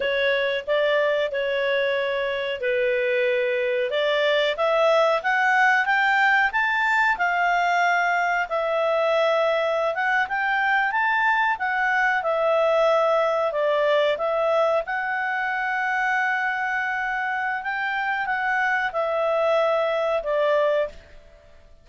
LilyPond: \new Staff \with { instrumentName = "clarinet" } { \time 4/4 \tempo 4 = 92 cis''4 d''4 cis''2 | b'2 d''4 e''4 | fis''4 g''4 a''4 f''4~ | f''4 e''2~ e''16 fis''8 g''16~ |
g''8. a''4 fis''4 e''4~ e''16~ | e''8. d''4 e''4 fis''4~ fis''16~ | fis''2. g''4 | fis''4 e''2 d''4 | }